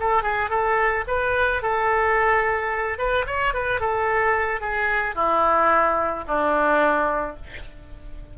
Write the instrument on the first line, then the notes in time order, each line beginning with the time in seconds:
oboe
0.00 A4
0.23 G#4
0.50 A4
1.08 B4
1.62 A4
2.99 B4
3.27 C#5
3.54 B4
3.81 A4
4.61 G#4
5.15 E4
6.28 D4